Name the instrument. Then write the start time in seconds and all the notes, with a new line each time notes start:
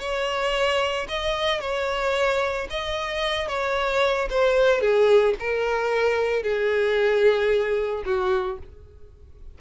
violin
0.00 C#5
1.09 D#5
1.61 C#5
2.71 D#5
3.48 C#5
4.31 C5
4.81 G#4
5.40 A#4
6.43 G#4
8.06 F#4